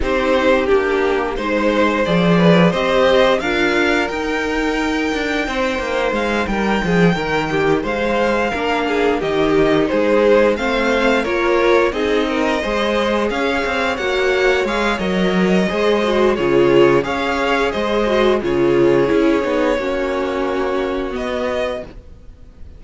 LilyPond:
<<
  \new Staff \with { instrumentName = "violin" } { \time 4/4 \tempo 4 = 88 c''4 g'4 c''4 d''4 | dis''4 f''4 g''2~ | g''4 f''8 g''2 f''8~ | f''4. dis''4 c''4 f''8~ |
f''8 cis''4 dis''2 f''8~ | f''8 fis''4 f''8 dis''2 | cis''4 f''4 dis''4 cis''4~ | cis''2. dis''4 | }
  \new Staff \with { instrumentName = "violin" } { \time 4/4 g'2 c''4. b'8 | c''4 ais'2. | c''4. ais'8 gis'8 ais'8 g'8 c''8~ | c''8 ais'8 gis'8 g'4 gis'4 c''8~ |
c''8 ais'4 gis'8 ais'8 c''4 cis''8~ | cis''2. c''4 | gis'4 cis''4 c''4 gis'4~ | gis'4 fis'2. | }
  \new Staff \with { instrumentName = "viola" } { \time 4/4 dis'4 d'4 dis'4 gis'4 | g'4 f'4 dis'2~ | dis'1~ | dis'8 d'4 dis'2 c'8~ |
c'8 f'4 dis'4 gis'4.~ | gis'8 fis'4 gis'8 ais'4 gis'8 fis'8 | f'4 gis'4. fis'8 f'4 | e'8 dis'8 cis'2 b4 | }
  \new Staff \with { instrumentName = "cello" } { \time 4/4 c'4 ais4 gis4 f4 | c'4 d'4 dis'4. d'8 | c'8 ais8 gis8 g8 f8 dis4 gis8~ | gis8 ais4 dis4 gis4 a8~ |
a8 ais4 c'4 gis4 cis'8 | c'8 ais4 gis8 fis4 gis4 | cis4 cis'4 gis4 cis4 | cis'8 b8 ais2 b4 | }
>>